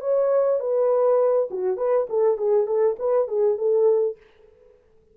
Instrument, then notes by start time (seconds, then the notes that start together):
horn
0.00 C#5
0.60 B4
1.50 F#4
1.77 B4
2.09 A4
2.37 G#4
2.66 A4
2.99 B4
3.28 G#4
3.57 A4